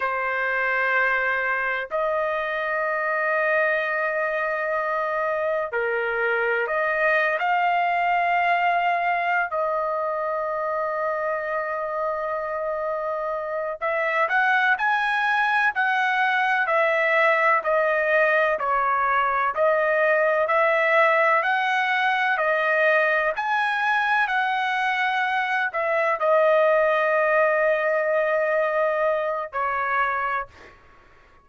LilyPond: \new Staff \with { instrumentName = "trumpet" } { \time 4/4 \tempo 4 = 63 c''2 dis''2~ | dis''2 ais'4 dis''8. f''16~ | f''2 dis''2~ | dis''2~ dis''8 e''8 fis''8 gis''8~ |
gis''8 fis''4 e''4 dis''4 cis''8~ | cis''8 dis''4 e''4 fis''4 dis''8~ | dis''8 gis''4 fis''4. e''8 dis''8~ | dis''2. cis''4 | }